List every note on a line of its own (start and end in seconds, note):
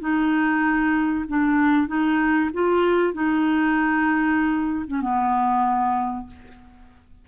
0.00 1.25 D#4
1.28 1.88 D4
1.88 2.50 D#4
2.53 3.13 F4
3.13 4.85 D#4
4.87 5.01 C#4
5.01 6.26 B3